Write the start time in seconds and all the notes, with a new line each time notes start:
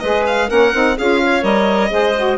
0.00 G#3 G#4 B4 D#5
0.27 F5
0.48 A#3 C#4 A#4 F#5
0.73 C4 D#4
0.97 C#4 F4 G#4 F5
1.22 C#5
1.42 G3 A#4 D#5
1.90 G#3 G#4 C5
2.17 F#4